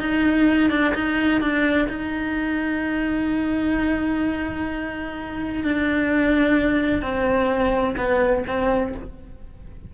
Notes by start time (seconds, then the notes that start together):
0.00 D#4
0.70 D4
0.95 D#4
1.41 D4
1.89 D#4
5.64 D4
7.02 C4
7.97 B3
8.47 C4